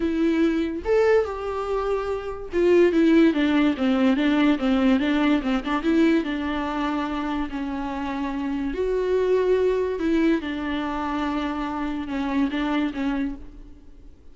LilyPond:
\new Staff \with { instrumentName = "viola" } { \time 4/4 \tempo 4 = 144 e'2 a'4 g'4~ | g'2 f'4 e'4 | d'4 c'4 d'4 c'4 | d'4 c'8 d'8 e'4 d'4~ |
d'2 cis'2~ | cis'4 fis'2. | e'4 d'2.~ | d'4 cis'4 d'4 cis'4 | }